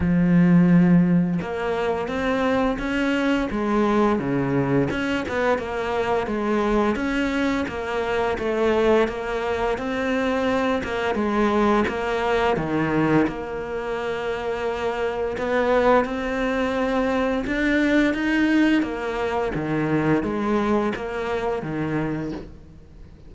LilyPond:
\new Staff \with { instrumentName = "cello" } { \time 4/4 \tempo 4 = 86 f2 ais4 c'4 | cis'4 gis4 cis4 cis'8 b8 | ais4 gis4 cis'4 ais4 | a4 ais4 c'4. ais8 |
gis4 ais4 dis4 ais4~ | ais2 b4 c'4~ | c'4 d'4 dis'4 ais4 | dis4 gis4 ais4 dis4 | }